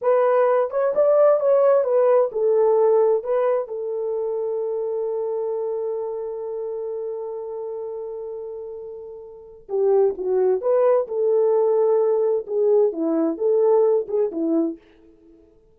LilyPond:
\new Staff \with { instrumentName = "horn" } { \time 4/4 \tempo 4 = 130 b'4. cis''8 d''4 cis''4 | b'4 a'2 b'4 | a'1~ | a'1~ |
a'1~ | a'4 g'4 fis'4 b'4 | a'2. gis'4 | e'4 a'4. gis'8 e'4 | }